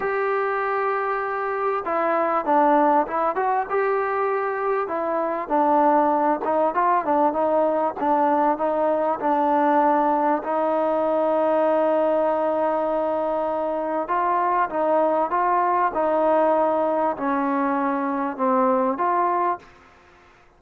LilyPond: \new Staff \with { instrumentName = "trombone" } { \time 4/4 \tempo 4 = 98 g'2. e'4 | d'4 e'8 fis'8 g'2 | e'4 d'4. dis'8 f'8 d'8 | dis'4 d'4 dis'4 d'4~ |
d'4 dis'2.~ | dis'2. f'4 | dis'4 f'4 dis'2 | cis'2 c'4 f'4 | }